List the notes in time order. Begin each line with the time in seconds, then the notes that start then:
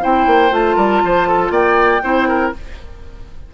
0.00 C4 E4 C5 G5
0.26 A#3
0.50 A3 F4 A5
0.76 G3 A#4
1.04 F3 C5
1.28 A4
1.50 A#3 D5 G5
2.02 C4 E4 C5
2.28 A#4